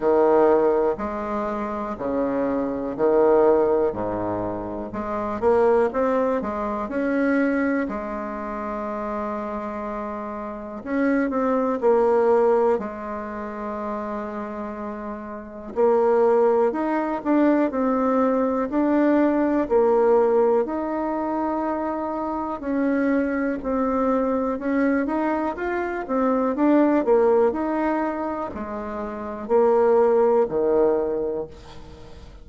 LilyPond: \new Staff \with { instrumentName = "bassoon" } { \time 4/4 \tempo 4 = 61 dis4 gis4 cis4 dis4 | gis,4 gis8 ais8 c'8 gis8 cis'4 | gis2. cis'8 c'8 | ais4 gis2. |
ais4 dis'8 d'8 c'4 d'4 | ais4 dis'2 cis'4 | c'4 cis'8 dis'8 f'8 c'8 d'8 ais8 | dis'4 gis4 ais4 dis4 | }